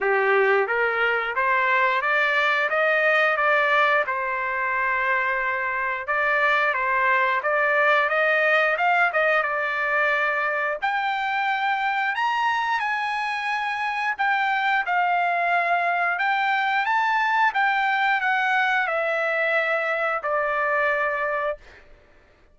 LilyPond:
\new Staff \with { instrumentName = "trumpet" } { \time 4/4 \tempo 4 = 89 g'4 ais'4 c''4 d''4 | dis''4 d''4 c''2~ | c''4 d''4 c''4 d''4 | dis''4 f''8 dis''8 d''2 |
g''2 ais''4 gis''4~ | gis''4 g''4 f''2 | g''4 a''4 g''4 fis''4 | e''2 d''2 | }